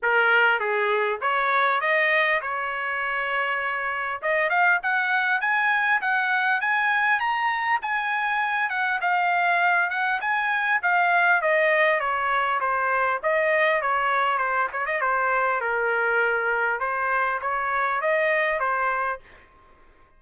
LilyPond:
\new Staff \with { instrumentName = "trumpet" } { \time 4/4 \tempo 4 = 100 ais'4 gis'4 cis''4 dis''4 | cis''2. dis''8 f''8 | fis''4 gis''4 fis''4 gis''4 | ais''4 gis''4. fis''8 f''4~ |
f''8 fis''8 gis''4 f''4 dis''4 | cis''4 c''4 dis''4 cis''4 | c''8 cis''16 dis''16 c''4 ais'2 | c''4 cis''4 dis''4 c''4 | }